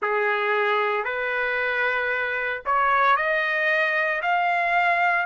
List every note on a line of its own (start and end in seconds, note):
0.01 1.04 G#4
1.04 2.62 B4
2.65 3.16 C#5
3.16 4.21 D#5
4.22 5.26 F5